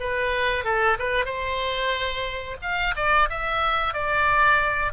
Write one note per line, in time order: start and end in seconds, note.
0.00 0.65 B4
0.65 0.98 A4
0.99 1.25 B4
1.25 2.57 C5
2.62 2.95 F5
2.96 3.29 D5
3.30 3.94 E5
3.94 4.93 D5